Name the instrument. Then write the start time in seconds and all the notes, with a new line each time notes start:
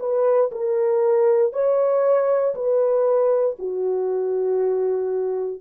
horn
0.00 B4
0.52 A#4
1.53 C#5
2.55 B4
3.59 F#4